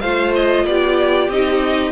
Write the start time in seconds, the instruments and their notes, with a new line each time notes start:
0.00 cello A3, viola F4, violin C5 F5
0.35 violin D#5
0.65 cello B3, violin G4 D5
1.28 cello C4, viola D#4, violin D#5